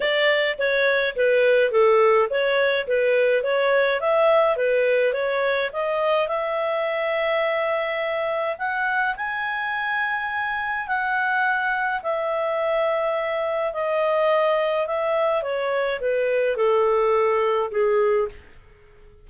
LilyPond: \new Staff \with { instrumentName = "clarinet" } { \time 4/4 \tempo 4 = 105 d''4 cis''4 b'4 a'4 | cis''4 b'4 cis''4 e''4 | b'4 cis''4 dis''4 e''4~ | e''2. fis''4 |
gis''2. fis''4~ | fis''4 e''2. | dis''2 e''4 cis''4 | b'4 a'2 gis'4 | }